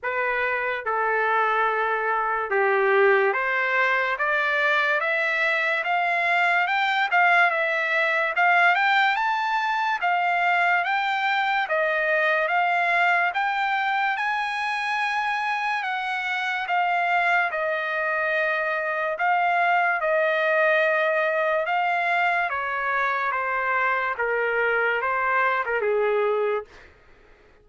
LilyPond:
\new Staff \with { instrumentName = "trumpet" } { \time 4/4 \tempo 4 = 72 b'4 a'2 g'4 | c''4 d''4 e''4 f''4 | g''8 f''8 e''4 f''8 g''8 a''4 | f''4 g''4 dis''4 f''4 |
g''4 gis''2 fis''4 | f''4 dis''2 f''4 | dis''2 f''4 cis''4 | c''4 ais'4 c''8. ais'16 gis'4 | }